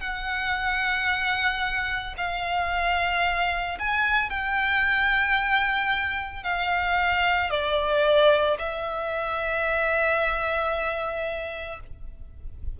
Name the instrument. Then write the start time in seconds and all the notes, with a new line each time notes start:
violin
0.00 F#5
2.17 F5
3.79 G#5
4.30 G5
6.43 F5
7.50 D5
8.58 E5